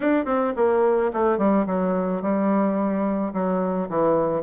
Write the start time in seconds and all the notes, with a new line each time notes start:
0.00 D4
0.25 C4
0.56 A#3
1.13 A3
1.38 G3
1.66 F#3
2.21 G3
3.33 F#3
3.89 E3